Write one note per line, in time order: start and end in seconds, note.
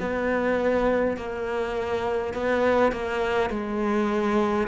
0.00 1.17 B3
1.17 2.34 A#3
2.34 2.93 B3
2.93 3.50 A#3
3.50 4.68 G#3